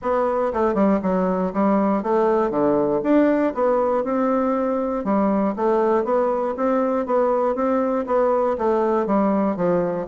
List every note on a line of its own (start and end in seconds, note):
0.01 0.52 B3
0.53 0.74 A3
0.74 0.99 G3
1.02 1.52 F#3
1.53 2.02 G3
2.02 2.50 A3
2.50 3.00 D3
3.03 3.53 D4
3.54 4.04 B3
4.04 5.04 C4
5.04 5.54 G3
5.56 6.04 A3
6.04 6.55 B3
6.56 7.06 C4
7.06 7.55 B3
7.55 8.05 C4
8.06 8.56 B3
8.58 9.06 A3
9.06 9.56 G3
9.56 10.07 F3